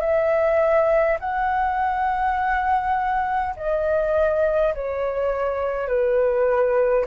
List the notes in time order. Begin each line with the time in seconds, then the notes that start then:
0.00 E5
1.19 F#5
3.56 D#5
4.74 C#5
5.87 B4